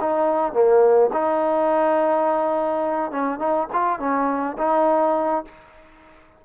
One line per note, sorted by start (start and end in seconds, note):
0.00 0.52 D#4
0.52 1.10 A#3
1.12 3.11 D#4
3.11 3.38 C#4
3.38 3.67 D#4
3.73 3.99 F4
3.99 4.56 C#4
4.58 5.44 D#4